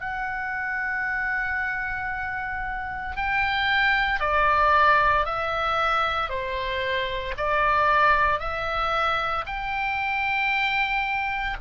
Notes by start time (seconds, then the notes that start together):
0.00 F#5
3.16 G5
4.20 D5
5.25 E5
6.29 C5
7.37 D5
8.39 E5
9.46 G5